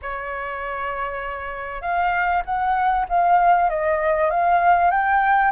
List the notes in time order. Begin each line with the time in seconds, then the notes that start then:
0.01 C#5
1.81 F5
2.45 F#5
3.08 F5
3.69 D#5
4.30 F5
4.91 G5